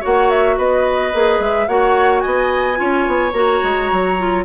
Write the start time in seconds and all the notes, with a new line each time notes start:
0.00 A#3 F#4 C#5 F#5
0.30 E5
0.57 B3 B4 D#5
1.14 A#3 G#4
1.39 G#3 E5
1.68 A#3 F#4 C#5 F#5
2.20 B3 D#5 G#5
2.75 C#4 F4 C#5
3.07 B3
3.32 A#3 F#4 A#5
3.63 G#3
3.92 F#3
4.18 F4